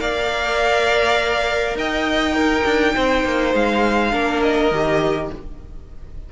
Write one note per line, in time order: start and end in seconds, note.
0.00 1.75 A#3
0.00 2.35 A#4
0.00 1.78 D5
0.00 1.77 F5
1.75 2.64 D#4
1.75 2.35 D#5
1.75 3.55 G5
2.35 4.12 D#4
2.35 2.94 A#4
2.65 2.95 D4
2.96 3.25 C4
2.96 4.12 C5
3.25 3.55 A#3
3.55 4.13 G#3
3.55 4.43 F5
4.12 4.72 A#3
4.12 4.71 D4
4.12 5.30 A#4
4.43 5.31 D#5
4.72 5.30 D#3
4.72 5.33 G4